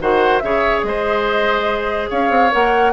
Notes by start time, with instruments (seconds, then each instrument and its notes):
0.00 bassoon D#3, clarinet F#4, oboe C5, flute F#5
0.39 bassoon C#3, clarinet G#4, oboe C#5, flute E5
0.83 bassoon G#3, oboe C5, flute D#5
2.10 bassoon C#4, oboe C#5, flute F5
2.30 bassoon C4
2.51 bassoon A#3, clarinet A#4, flute F#5